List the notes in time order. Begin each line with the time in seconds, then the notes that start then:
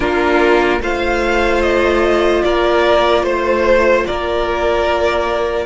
0.00 A#3 D4 F4 A#4
0.80 A3 F4 C5 F5
1.61 D#5
2.42 A#3 A#4 D5
3.23 A3 C5
4.06 A#3 A#4 D5